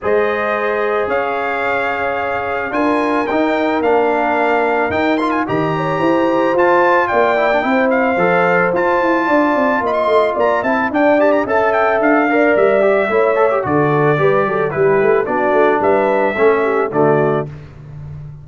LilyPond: <<
  \new Staff \with { instrumentName = "trumpet" } { \time 4/4 \tempo 4 = 110 dis''2 f''2~ | f''4 gis''4 g''4 f''4~ | f''4 g''8 c'''16 gis''16 ais''2 | a''4 g''4. f''4. |
a''2 b''16 c'''8. ais''8 a''8 | g''8 a''16 ais''16 a''8 g''8 f''4 e''4~ | e''4 d''2 b'4 | d''4 e''2 d''4 | }
  \new Staff \with { instrumentName = "horn" } { \time 4/4 c''2 cis''2~ | cis''4 ais'2.~ | ais'2 dis''8 cis''8 c''4~ | c''4 d''4 c''2~ |
c''4 d''4 dis''4 d''8 e''8 | d''4 e''4. d''4. | cis''4 a'4 b'8 a'8 g'4 | fis'4 b'4 a'8 g'8 fis'4 | }
  \new Staff \with { instrumentName = "trombone" } { \time 4/4 gis'1~ | gis'4 f'4 dis'4 d'4~ | d'4 dis'8 f'8 g'2 | f'4. e'16 d'16 e'4 a'4 |
f'2.~ f'8 e'8 | d'8 g'8 a'4. ais'4 g'8 | e'8 a'16 g'16 fis'4 g'4 e'4 | d'2 cis'4 a4 | }
  \new Staff \with { instrumentName = "tuba" } { \time 4/4 gis2 cis'2~ | cis'4 d'4 dis'4 ais4~ | ais4 dis'4 dis4 e'4 | f'4 ais4 c'4 f4 |
f'8 e'8 d'8 c'8 ais8 a8 ais8 c'8 | d'4 cis'4 d'4 g4 | a4 d4 g8 fis8 g8 a8 | b8 a8 g4 a4 d4 | }
>>